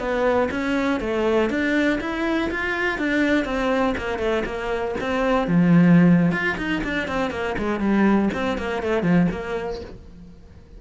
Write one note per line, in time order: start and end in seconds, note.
0.00 0.50 B3
0.51 1.01 C#4
1.01 1.50 A3
1.50 2.00 D4
2.01 2.50 E4
2.51 2.99 F4
2.99 3.46 D4
3.46 3.95 C4
3.98 4.19 A#3
4.19 4.44 A3
4.46 4.95 A#3
5.01 5.48 C4
5.48 6.32 F3
6.32 6.57 F4
6.58 6.82 D#4
6.85 7.08 D4
7.08 7.31 C4
7.31 7.56 A#3
7.59 7.80 G#3
7.80 8.30 G3
8.34 8.59 C4
8.59 8.83 A#3
8.83 9.03 A3
9.03 9.28 F3
9.32 9.82 A#3